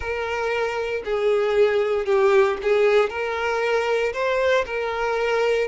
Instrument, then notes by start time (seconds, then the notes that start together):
violin
0.00 A#4
1.04 G#4
2.05 G4
2.62 G#4
3.09 A#4
4.13 C5
4.66 A#4